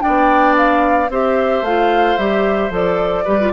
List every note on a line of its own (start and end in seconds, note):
0.00 1.08 D4
0.00 1.11 D5
0.00 0.55 G5
0.08 1.09 B3
0.57 1.11 F5
1.09 1.62 C4
1.09 1.65 G4
1.09 3.25 C5
1.09 1.65 E5
1.62 2.16 A3
1.62 2.19 F4
1.62 2.18 F5
2.18 2.70 G3
2.18 2.71 G4
2.18 2.72 E5
2.70 3.25 F3
2.70 3.25 A4
2.70 3.53 D5
3.25 3.53 G3
3.25 3.39 G4
3.25 3.52 B4
3.40 3.53 F4